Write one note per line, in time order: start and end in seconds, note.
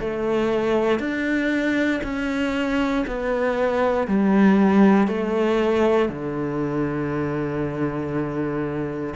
0.00 0.99 A3
0.99 2.01 D4
2.03 3.05 C#4
3.07 4.08 B3
4.08 5.08 G3
5.08 6.09 A3
6.09 9.14 D3